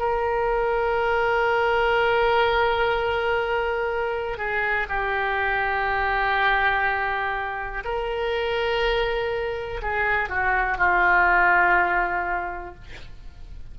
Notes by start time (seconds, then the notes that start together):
0.00 A#4
4.38 G#4
4.89 G4
7.85 A#4
9.83 G#4
10.30 F#4
10.78 F4